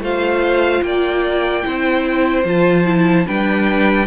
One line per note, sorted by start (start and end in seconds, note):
0.00 0.81 A3
0.00 1.63 F4
0.00 0.84 C5
0.00 0.83 F5
0.82 1.63 A#3
0.82 1.66 D5
0.82 2.45 G5
1.63 2.44 C4
1.63 2.44 E4
1.63 3.26 C5
2.44 3.26 F3
2.44 2.85 F4
2.44 3.28 A5
2.85 3.26 E4
3.26 4.07 G3
3.26 4.07 D4
3.26 4.07 B4
3.26 4.07 G5